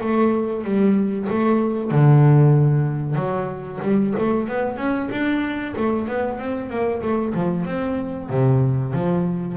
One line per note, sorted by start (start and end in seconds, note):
0.00 0.64 A3
0.64 1.27 G3
1.29 1.91 A3
1.91 3.15 D3
3.15 3.79 F#3
3.82 4.14 G3
4.18 4.48 A3
4.48 4.77 B3
4.77 5.09 C#4
5.10 5.74 D4
5.76 6.07 A3
6.07 6.38 B3
6.38 6.69 C4
6.69 7.01 A#3
7.02 7.33 A3
7.33 7.65 F3
7.65 8.29 C4
8.29 8.93 C3
8.93 9.57 F3